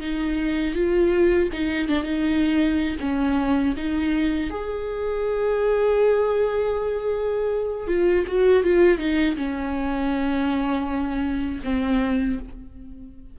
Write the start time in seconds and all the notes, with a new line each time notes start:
0.00 D#4
0.74 F4
1.52 D#4
1.88 D4
2.03 D#4
3.00 C#4
3.76 D#4
4.50 G#4
7.87 F4
8.27 F#4
8.63 F4
8.98 D#4
9.36 C#4
11.64 C4